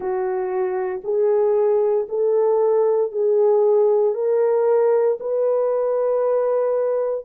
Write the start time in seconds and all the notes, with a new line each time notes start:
0.00 F#4
1.03 G#4
2.08 A4
3.11 G#4
4.14 A#4
5.20 B4